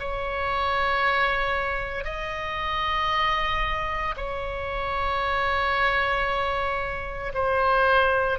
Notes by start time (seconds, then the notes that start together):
0.00 C#5
2.04 D#5
4.17 C#5
7.34 C5